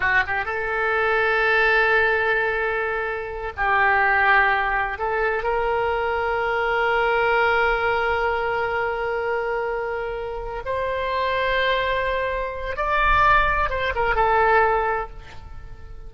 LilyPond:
\new Staff \with { instrumentName = "oboe" } { \time 4/4 \tempo 4 = 127 fis'8 g'8 a'2.~ | a'2.~ a'8 g'8~ | g'2~ g'8 a'4 ais'8~ | ais'1~ |
ais'1~ | ais'2~ ais'8 c''4.~ | c''2. d''4~ | d''4 c''8 ais'8 a'2 | }